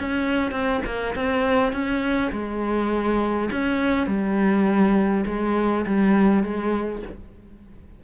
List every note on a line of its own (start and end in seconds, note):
0.00 0.52 C#4
0.52 0.81 C4
0.85 1.15 A#3
1.16 1.73 C4
1.73 2.32 C#4
2.32 3.50 G#3
3.51 4.07 C#4
4.07 5.25 G3
5.26 5.85 G#3
5.86 6.44 G3
6.44 7.02 G#3